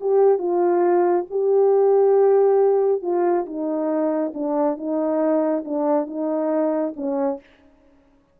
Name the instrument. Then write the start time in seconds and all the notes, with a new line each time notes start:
horn
0.00 G4
0.38 F4
1.30 G4
3.02 F4
3.46 D#4
4.34 D4
4.77 D#4
5.65 D4
6.07 D#4
6.96 C#4